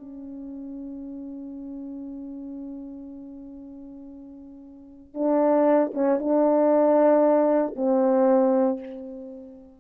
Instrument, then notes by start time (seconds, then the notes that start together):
horn
0.00 C#4
5.15 D4
5.94 C#4
6.20 D4
7.77 C4